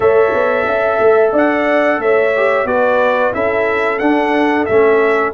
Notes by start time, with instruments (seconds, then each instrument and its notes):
0.00 tuba A3, trombone A4, horn C#5, trumpet E5
0.33 tuba B3
0.65 tuba C#4, horn E5
1.00 tuba A3
1.32 tuba D4, horn D5, trumpet F#5
1.98 tuba A3, horn C#5, trumpet E5
2.36 trombone G4
2.65 tuba B3, trombone F#4, horn B4, trumpet D5
3.33 tuba C#4, trombone E4, horn A4, trumpet E5
3.98 tuba D4, trombone D4, trumpet F#5
4.65 tuba A3, trombone C#4, trumpet E5